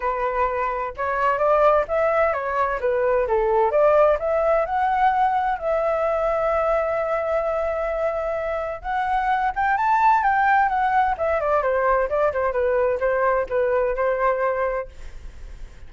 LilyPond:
\new Staff \with { instrumentName = "flute" } { \time 4/4 \tempo 4 = 129 b'2 cis''4 d''4 | e''4 cis''4 b'4 a'4 | d''4 e''4 fis''2 | e''1~ |
e''2. fis''4~ | fis''8 g''8 a''4 g''4 fis''4 | e''8 d''8 c''4 d''8 c''8 b'4 | c''4 b'4 c''2 | }